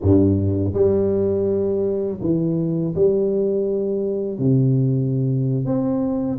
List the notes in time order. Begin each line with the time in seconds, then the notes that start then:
0.02 G2
0.73 G3
2.21 E3
2.95 G3
4.38 C3
5.65 C4